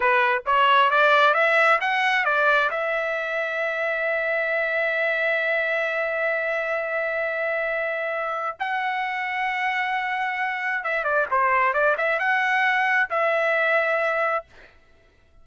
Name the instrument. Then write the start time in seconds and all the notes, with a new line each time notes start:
trumpet
0.00 B4
0.46 C#5
0.90 D5
1.33 E5
1.80 F#5
2.24 D5
2.70 E5
8.59 F#5
10.84 E5
11.04 D5
11.30 C5
11.73 D5
11.97 E5
12.19 F#5
13.09 E5